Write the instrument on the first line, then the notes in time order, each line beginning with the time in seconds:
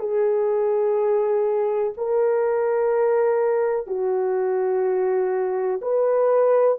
horn
0.00 G#4
1.98 A#4
3.87 F#4
5.82 B4